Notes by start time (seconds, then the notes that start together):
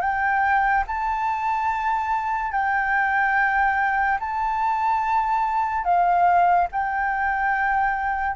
0.00 G5
0.87 A5
2.52 G5
4.20 A5
5.84 F5
6.72 G5